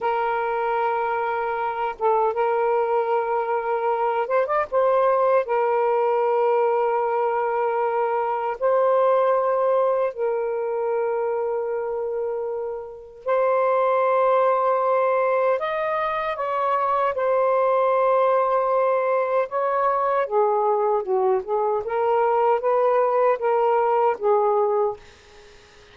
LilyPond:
\new Staff \with { instrumentName = "saxophone" } { \time 4/4 \tempo 4 = 77 ais'2~ ais'8 a'8 ais'4~ | ais'4. c''16 d''16 c''4 ais'4~ | ais'2. c''4~ | c''4 ais'2.~ |
ais'4 c''2. | dis''4 cis''4 c''2~ | c''4 cis''4 gis'4 fis'8 gis'8 | ais'4 b'4 ais'4 gis'4 | }